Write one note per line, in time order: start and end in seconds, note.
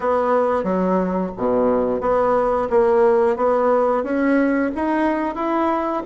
0.00 0.63 B3
0.63 1.31 F#3
1.37 2.00 B2
2.00 2.68 B3
2.70 3.36 A#3
3.36 4.03 B3
4.03 4.70 C#4
4.75 5.35 D#4
5.35 6.02 E4